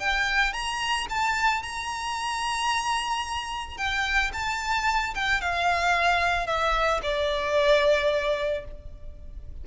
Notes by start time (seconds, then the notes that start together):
0.00 G5
0.53 A#5
1.10 A5
1.63 A#5
3.78 G5
4.33 A5
5.15 G5
5.41 F5
6.47 E5
7.03 D5